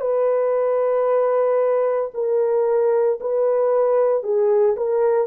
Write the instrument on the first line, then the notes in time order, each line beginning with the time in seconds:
horn
0.00 B4
2.14 A#4
3.20 B4
4.22 G#4
4.76 A#4